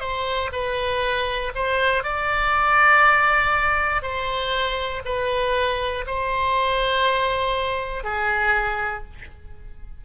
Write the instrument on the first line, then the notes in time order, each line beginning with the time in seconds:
oboe
0.00 C5
0.52 B4
1.55 C5
2.03 D5
4.02 C5
5.05 B4
6.06 C5
8.03 G#4